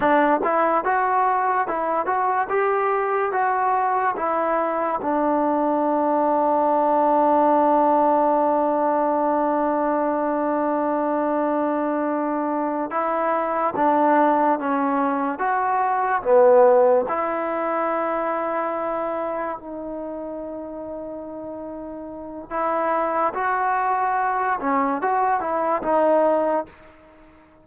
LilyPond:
\new Staff \with { instrumentName = "trombone" } { \time 4/4 \tempo 4 = 72 d'8 e'8 fis'4 e'8 fis'8 g'4 | fis'4 e'4 d'2~ | d'1~ | d'2.~ d'8 e'8~ |
e'8 d'4 cis'4 fis'4 b8~ | b8 e'2. dis'8~ | dis'2. e'4 | fis'4. cis'8 fis'8 e'8 dis'4 | }